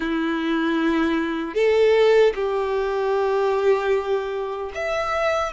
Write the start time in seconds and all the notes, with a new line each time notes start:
0.00 E4
1.54 A4
2.34 G4
4.74 E5